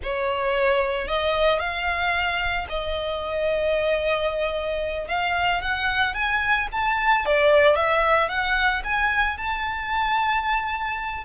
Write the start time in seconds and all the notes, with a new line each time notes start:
0.03 C#5
1.07 D#5
1.59 F5
2.69 D#5
5.07 F5
5.61 F#5
6.14 G#5
6.72 A5
7.25 D5
7.75 E5
8.28 F#5
8.84 G#5
9.37 A5